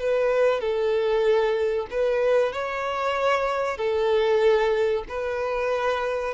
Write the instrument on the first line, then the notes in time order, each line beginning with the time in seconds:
violin
0.00 B4
0.61 A4
1.91 B4
2.53 C#5
3.78 A4
5.09 B4